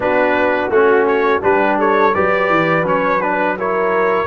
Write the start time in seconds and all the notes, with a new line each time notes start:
0.00 B3 D4 F#4 B4
0.69 A3 C#4 F#4
1.06 C#5
1.41 G3 D4 G4 B4
1.78 A4 C#5
2.14 F#3 G4 B4 D5
2.49 E3
2.82 F#3 C#4 C#5
3.21 D4 B4
3.57 E4 A#4 C#5